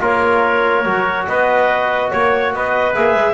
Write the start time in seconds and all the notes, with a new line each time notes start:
0.00 A#3 F4 A#4 C#5
0.84 F#3 F#4
1.28 B3 B4 D#5
2.11 A#3 C#5
2.53 B3 B4 D#5
2.94 A#3 G#4 E5
3.13 G#3